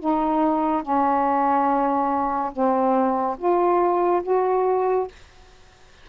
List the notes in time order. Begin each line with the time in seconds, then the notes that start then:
0.00 D#4
0.83 C#4
2.53 C4
3.38 F4
4.23 F#4